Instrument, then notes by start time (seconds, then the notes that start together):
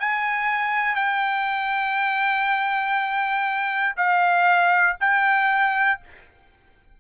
trumpet
0.00 G#5
0.95 G5
3.97 F5
5.00 G5